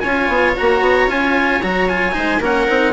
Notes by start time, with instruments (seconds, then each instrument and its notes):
0.00 bassoon C#4, cello F4, viola C#5, trumpet G#5
0.29 bassoon B3
0.56 bassoon A#3, cello F#4, trumpet A#5
0.81 bassoon B3
1.08 bassoon C#4, cello F4, trumpet G#5
1.62 bassoon F#3, cello F#4, trumpet A#5
1.89 cello F4, trumpet G#5
2.12 bassoon G#3, cello D#4, viola C5
2.40 bassoon A#3, cello C#4, viola A#4, trumpet F#5
2.68 bassoon C4, cello D#4